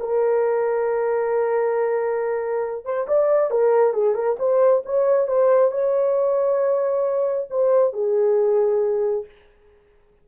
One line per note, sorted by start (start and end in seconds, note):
0.00 2.85 A#4
2.85 3.07 C5
3.07 3.51 D5
3.51 3.93 A#4
3.93 4.15 G#4
4.15 4.37 A#4
4.39 4.83 C5
4.85 5.27 C#5
5.27 5.71 C5
5.71 7.48 C#5
7.50 7.93 C5
7.93 9.26 G#4